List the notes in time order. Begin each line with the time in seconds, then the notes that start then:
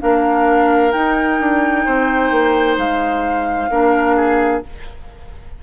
0.00 A#3 D4 A#4 F5
0.92 D#4 G5
1.40 D4
1.86 C4 C5
2.31 A#3
2.77 G#3 F5
3.70 A#3 D4 A#4
4.16 G#4